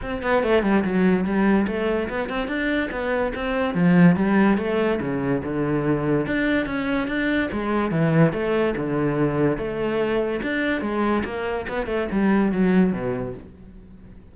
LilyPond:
\new Staff \with { instrumentName = "cello" } { \time 4/4 \tempo 4 = 144 c'8 b8 a8 g8 fis4 g4 | a4 b8 c'8 d'4 b4 | c'4 f4 g4 a4 | cis4 d2 d'4 |
cis'4 d'4 gis4 e4 | a4 d2 a4~ | a4 d'4 gis4 ais4 | b8 a8 g4 fis4 b,4 | }